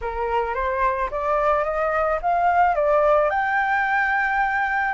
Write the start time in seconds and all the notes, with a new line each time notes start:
0.01 A#4
0.54 C5
1.11 D5
1.64 D#5
2.22 F5
2.75 D5
3.30 G5